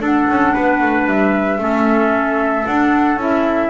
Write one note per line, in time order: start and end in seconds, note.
0.00 1.59 D4
0.00 0.27 D4
0.00 0.54 A4
0.00 1.08 F#5
0.29 0.55 C#4
0.54 0.81 B3
0.54 1.60 B4
0.81 1.06 A3
1.06 1.58 G3
1.06 2.66 E5
1.58 2.64 A3
1.58 2.65 C#4
1.58 3.70 A4
2.66 3.19 D4
2.66 3.16 D4
2.66 3.19 F#5
3.16 3.70 C#4
3.16 3.70 E4
3.16 3.70 E5